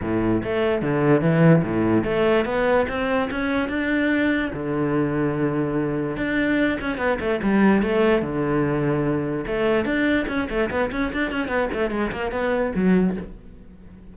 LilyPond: \new Staff \with { instrumentName = "cello" } { \time 4/4 \tempo 4 = 146 a,4 a4 d4 e4 | a,4 a4 b4 c'4 | cis'4 d'2 d4~ | d2. d'4~ |
d'8 cis'8 b8 a8 g4 a4 | d2. a4 | d'4 cis'8 a8 b8 cis'8 d'8 cis'8 | b8 a8 gis8 ais8 b4 fis4 | }